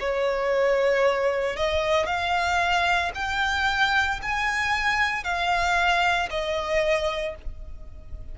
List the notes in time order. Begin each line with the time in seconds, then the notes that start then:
0.00 C#5
1.56 D#5
2.06 F5
3.15 G5
4.22 G#5
5.24 F5
6.30 D#5